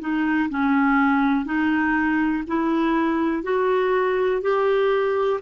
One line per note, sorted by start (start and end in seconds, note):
0.00 0.49 D#4
0.49 1.45 C#4
1.45 2.43 D#4
2.47 3.43 E4
3.43 4.41 F#4
4.41 5.40 G4